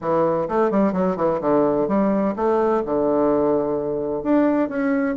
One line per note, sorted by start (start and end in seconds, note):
0.01 0.48 E3
0.48 0.70 A3
0.70 0.92 G3
0.92 1.16 F#3
1.16 1.39 E3
1.41 1.87 D3
1.87 2.34 G3
2.36 2.83 A3
2.85 4.23 D3
4.23 4.68 D4
4.68 5.15 C#4